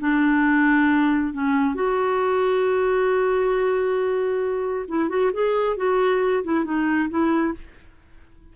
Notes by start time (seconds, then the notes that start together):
0.00 D4
1.33 C#4
1.75 F#4
4.88 E4
5.09 F#4
5.33 G#4
5.77 F#4
6.44 E4
6.65 D#4
7.09 E4